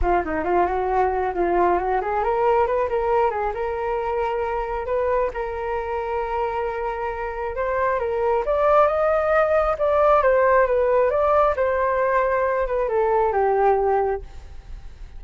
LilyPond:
\new Staff \with { instrumentName = "flute" } { \time 4/4 \tempo 4 = 135 f'8 dis'8 f'8 fis'4. f'4 | fis'8 gis'8 ais'4 b'8 ais'4 gis'8 | ais'2. b'4 | ais'1~ |
ais'4 c''4 ais'4 d''4 | dis''2 d''4 c''4 | b'4 d''4 c''2~ | c''8 b'8 a'4 g'2 | }